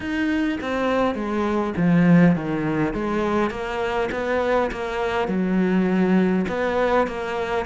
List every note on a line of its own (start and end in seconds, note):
0.00 0.59 D#4
0.60 1.14 C4
1.14 1.73 G#3
1.76 2.35 F3
2.35 2.93 D#3
2.93 3.50 G#3
3.50 4.09 A#3
4.11 4.70 B3
4.71 5.28 A#3
5.28 6.45 F#3
6.48 7.07 B3
7.07 7.65 A#3